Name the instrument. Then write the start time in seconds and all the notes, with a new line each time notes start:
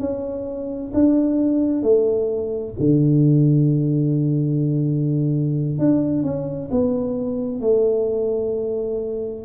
tuba
0.00 C#4
0.94 D4
1.83 A3
2.79 D3
5.79 D4
6.23 C#4
6.71 B3
7.61 A3